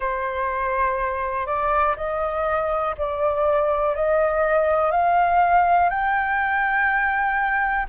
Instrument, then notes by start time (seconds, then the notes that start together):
flute
0.00 C5
1.46 D5
1.97 D#5
2.97 D5
3.95 D#5
4.91 F5
5.89 G5